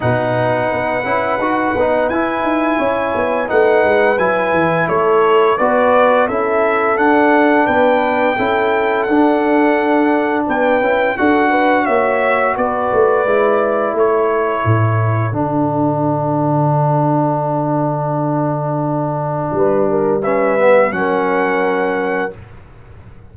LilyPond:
<<
  \new Staff \with { instrumentName = "trumpet" } { \time 4/4 \tempo 4 = 86 fis''2. gis''4~ | gis''4 fis''4 gis''4 cis''4 | d''4 e''4 fis''4 g''4~ | g''4 fis''2 g''4 |
fis''4 e''4 d''2 | cis''2 fis''2~ | fis''1~ | fis''4 e''4 fis''2 | }
  \new Staff \with { instrumentName = "horn" } { \time 4/4 b'1 | cis''4 b'2 a'4 | b'4 a'2 b'4 | a'2. b'4 |
a'8 b'8 cis''4 b'2 | a'1~ | a'1 | b'8 ais'8 b'4 ais'2 | }
  \new Staff \with { instrumentName = "trombone" } { \time 4/4 dis'4. e'8 fis'8 dis'8 e'4~ | e'4 dis'4 e'2 | fis'4 e'4 d'2 | e'4 d'2~ d'8 e'8 |
fis'2. e'4~ | e'2 d'2~ | d'1~ | d'4 cis'8 b8 cis'2 | }
  \new Staff \with { instrumentName = "tuba" } { \time 4/4 b,4 b8 cis'8 dis'8 b8 e'8 dis'8 | cis'8 b8 a8 gis8 fis8 e8 a4 | b4 cis'4 d'4 b4 | cis'4 d'2 b8 cis'8 |
d'4 ais4 b8 a8 gis4 | a4 a,4 d2~ | d1 | g2 fis2 | }
>>